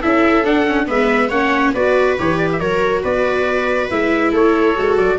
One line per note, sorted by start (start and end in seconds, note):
0.00 0.46 C#4
0.00 0.44 E4
0.00 0.86 A4
0.00 0.45 E5
0.44 0.65 D4
0.44 0.89 D4
0.44 0.88 F#5
0.67 0.86 C#4
0.86 1.30 G#3
0.86 1.29 B3
0.86 1.29 B4
0.86 1.30 E5
1.29 1.73 A#3
1.29 1.75 C#4
1.29 1.72 C#5
1.29 1.73 F#5
1.73 2.18 B3
1.73 2.18 F#4
1.73 2.59 B4
1.73 2.18 D5
2.18 2.60 E3
2.18 2.61 G4
2.18 2.38 C#5
2.38 2.49 D5
2.52 2.60 E5
2.60 3.03 F#3
2.60 3.90 F#4
2.60 3.03 A#4
2.60 3.03 C#5
3.03 3.90 B3
3.03 4.32 B4
3.03 3.90 D5
3.90 4.32 G#3
3.90 4.75 E4
3.90 4.33 E5
4.32 4.76 A3
4.32 5.18 A4
4.32 4.97 C#5
4.75 4.97 G#3
4.75 5.18 F#4
4.97 5.18 F#3
4.97 5.18 D5